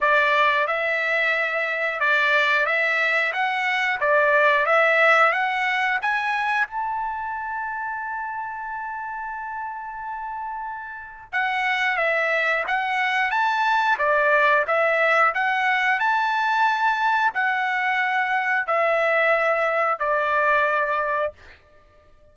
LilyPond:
\new Staff \with { instrumentName = "trumpet" } { \time 4/4 \tempo 4 = 90 d''4 e''2 d''4 | e''4 fis''4 d''4 e''4 | fis''4 gis''4 a''2~ | a''1~ |
a''4 fis''4 e''4 fis''4 | a''4 d''4 e''4 fis''4 | a''2 fis''2 | e''2 d''2 | }